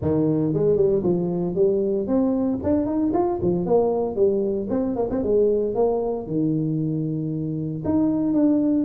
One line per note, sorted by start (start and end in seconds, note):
0.01 0.53 D#3
0.53 0.76 G#3
0.76 1.02 G3
1.03 1.55 F3
1.55 2.07 G3
2.07 2.59 C4
2.63 2.86 D4
2.86 3.12 D#4
3.13 3.39 F4
3.42 3.65 F3
3.65 4.15 A#3
4.15 4.67 G3
4.69 4.95 C4
4.95 5.08 A#3
5.10 5.23 C4
5.23 5.74 G#3
5.74 6.26 A#3
6.26 7.83 D#3
7.85 8.33 D#4
8.33 8.85 D4